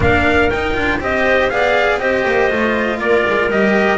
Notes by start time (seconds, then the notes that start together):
0.00 A#3 D4 A#4 F5
0.50 D#4 G5
0.74 D4 F4
0.99 C4 G4 C5 D#5
1.49 B3 G#4 D5 F5
1.98 C4 G4 C5 D#5
2.25 A#3
2.50 A3 F4
2.98 A#3 A#4 D5
3.28 G#3
3.50 G3 G4 D#5